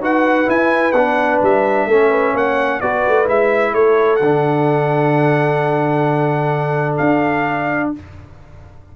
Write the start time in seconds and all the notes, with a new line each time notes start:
0.00 D#4 F#4 B4 F#5
0.46 E4 G#5
0.92 B3 D4 F#5
1.42 G3 E5
1.86 A3 C#4 A4
2.10 B4
2.33 A#3 C#5 F#5
2.80 B3 F#4 B4 D5
3.07 A3
3.25 G#3 E4 E5
3.73 A3 A4 C#5
4.16 D3 F#5
4.24 D4
6.97 D4 F5